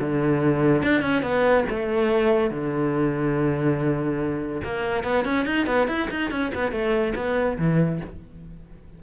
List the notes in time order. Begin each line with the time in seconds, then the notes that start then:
0.00 D3
0.83 D4
1.02 C#4
1.23 B3
1.70 A3
2.51 D3
4.64 A#3
5.04 B3
5.25 C#4
5.46 D#4
5.67 B3
5.88 E4
6.11 D#4
6.31 C#4
6.55 B3
6.72 A3
7.16 B3
7.58 E3